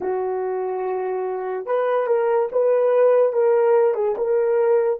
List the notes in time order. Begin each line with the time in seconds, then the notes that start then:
0.00 F#4
1.66 B4
2.06 A#4
2.52 B4
3.32 A#4
3.94 G#4
4.17 A#4